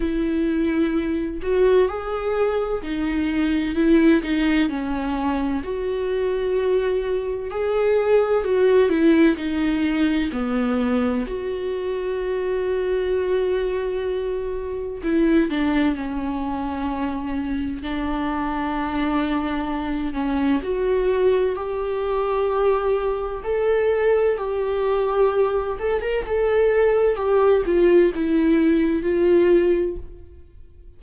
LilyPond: \new Staff \with { instrumentName = "viola" } { \time 4/4 \tempo 4 = 64 e'4. fis'8 gis'4 dis'4 | e'8 dis'8 cis'4 fis'2 | gis'4 fis'8 e'8 dis'4 b4 | fis'1 |
e'8 d'8 cis'2 d'4~ | d'4. cis'8 fis'4 g'4~ | g'4 a'4 g'4. a'16 ais'16 | a'4 g'8 f'8 e'4 f'4 | }